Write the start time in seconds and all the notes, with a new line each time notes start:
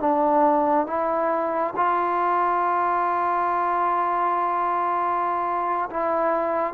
0.00 D4
0.87 E4
1.77 F4
5.91 E4